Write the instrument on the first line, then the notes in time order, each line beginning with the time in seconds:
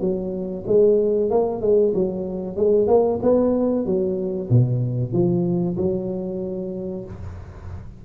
tuba
0.00 F#3
0.66 G#3
1.30 A#3
1.61 G#3
1.94 F#3
2.56 G#3
2.87 A#3
3.22 B3
3.85 F#3
4.49 B2
5.12 F3
5.76 F#3